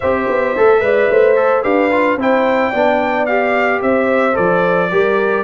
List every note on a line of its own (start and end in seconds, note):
0.00 0.28 C4
0.00 0.56 G4
0.00 0.80 C5
0.00 1.63 E5
0.28 0.55 B3
0.56 0.81 A3
0.56 0.80 A4
0.80 1.09 G#3
0.80 1.35 B4
0.80 1.11 D5
1.09 1.64 A3
1.09 1.63 C5
1.36 1.63 A4
1.63 2.16 D4
1.63 1.90 G4
1.63 2.17 B4
1.63 2.17 F5
1.91 2.18 F4
2.16 2.70 C4
2.16 2.73 E4
2.16 2.69 C5
2.16 3.26 G5
2.69 3.81 B3
2.69 3.28 D4
2.69 3.79 D5
3.26 4.33 G4
3.26 3.80 F5
3.81 4.36 C4
3.81 4.90 C5
3.81 4.36 E5
4.33 4.91 F3
4.33 4.87 A4
4.33 5.43 D5
4.90 5.43 G3
4.90 5.43 G4
4.90 5.43 A#4